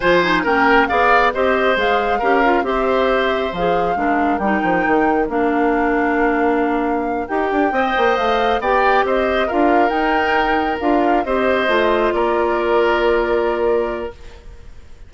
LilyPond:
<<
  \new Staff \with { instrumentName = "flute" } { \time 4/4 \tempo 4 = 136 gis''4 g''4 f''4 dis''4 | f''2 e''2 | f''2 g''2 | f''1~ |
f''8 g''2 f''4 g''8~ | g''8 dis''4 f''4 g''4.~ | g''8 f''4 dis''2 d''8~ | d''1 | }
  \new Staff \with { instrumentName = "oboe" } { \time 4/4 c''4 ais'4 d''4 c''4~ | c''4 ais'4 c''2~ | c''4 ais'2.~ | ais'1~ |
ais'4. dis''2 d''8~ | d''8 c''4 ais'2~ ais'8~ | ais'4. c''2 ais'8~ | ais'1 | }
  \new Staff \with { instrumentName = "clarinet" } { \time 4/4 f'8 dis'8 cis'4 gis'4 g'4 | gis'4 g'8 f'8 g'2 | gis'4 d'4 dis'2 | d'1~ |
d'8 g'4 c''2 g'8~ | g'4. f'4 dis'4.~ | dis'8 f'4 g'4 f'4.~ | f'1 | }
  \new Staff \with { instrumentName = "bassoon" } { \time 4/4 f4 ais4 b4 c'4 | gis4 cis'4 c'2 | f4 gis4 g8 f8 dis4 | ais1~ |
ais8 dis'8 d'8 c'8 ais8 a4 b8~ | b8 c'4 d'4 dis'4.~ | dis'8 d'4 c'4 a4 ais8~ | ais1 | }
>>